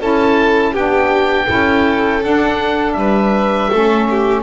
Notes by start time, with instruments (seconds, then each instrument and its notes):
0.00 double bass C#4, saxophone E4, violin A4, oboe A5
0.73 double bass B3, saxophone D4, violin G4, oboe G5
1.46 double bass C#4, saxophone E4, violin A4
2.23 saxophone D4, double bass D4, oboe F#5
2.93 double bass G3, violin B4, oboe E5
3.70 double bass A3, saxophone C#4, violin A4
4.10 violin G4